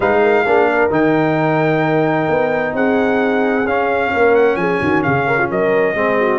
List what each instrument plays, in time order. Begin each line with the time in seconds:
0.00 tuba G#3, trombone D#4, horn B4, trumpet F5
0.22 horn A#4
0.45 tuba A#3, trombone D4, horn G#4
0.69 horn A#4
0.90 tuba D#3, trombone D#4, trumpet G5
2.28 tuba B3
2.73 tuba C4, horn G#4, trumpet F#5
3.65 tuba C#4, trombone C#4, trumpet F5
4.13 tuba A#3, horn A#4
4.35 trumpet F#5
4.56 tuba F3, horn G#4, trumpet G#5
4.81 tuba D#3, horn F#4
5.03 tuba C#3, horn G#4, trumpet F5
5.27 horn A#4
5.38 horn F4
5.50 tuba F#3, horn A#4, trumpet D#5
5.94 tuba G#3, trombone C4, horn G#4
6.20 horn F#4